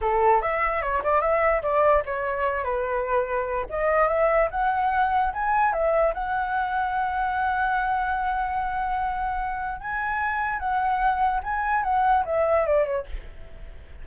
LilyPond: \new Staff \with { instrumentName = "flute" } { \time 4/4 \tempo 4 = 147 a'4 e''4 cis''8 d''8 e''4 | d''4 cis''4. b'4.~ | b'4 dis''4 e''4 fis''4~ | fis''4 gis''4 e''4 fis''4~ |
fis''1~ | fis''1 | gis''2 fis''2 | gis''4 fis''4 e''4 d''8 cis''8 | }